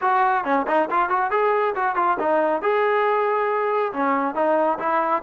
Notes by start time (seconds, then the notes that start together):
0.01 F#4
0.44 C#4
0.67 D#4
0.90 F4
1.09 F#4
1.30 G#4
1.75 F#4
1.95 F4
2.19 D#4
2.62 G#4
3.92 C#4
4.34 D#4
4.78 E4